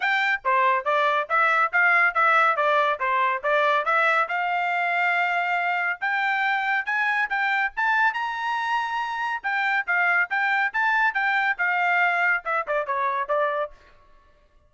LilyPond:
\new Staff \with { instrumentName = "trumpet" } { \time 4/4 \tempo 4 = 140 g''4 c''4 d''4 e''4 | f''4 e''4 d''4 c''4 | d''4 e''4 f''2~ | f''2 g''2 |
gis''4 g''4 a''4 ais''4~ | ais''2 g''4 f''4 | g''4 a''4 g''4 f''4~ | f''4 e''8 d''8 cis''4 d''4 | }